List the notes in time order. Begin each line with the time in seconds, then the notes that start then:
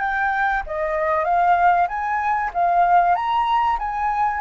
0.00 G5
0.66 D#5
1.24 F5
1.88 G#5
2.53 F5
3.15 A#5
3.79 G#5